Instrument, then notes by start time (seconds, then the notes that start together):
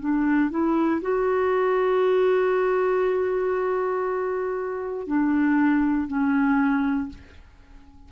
clarinet
0.00 D4
0.50 E4
1.02 F#4
5.08 D4
6.08 C#4